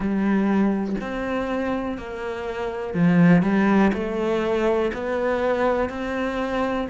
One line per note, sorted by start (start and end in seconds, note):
0.00 0.95 G3
1.01 1.97 C4
1.97 2.94 A#3
2.94 3.42 F3
3.42 3.91 G3
3.93 4.91 A3
4.93 5.89 B3
5.89 6.87 C4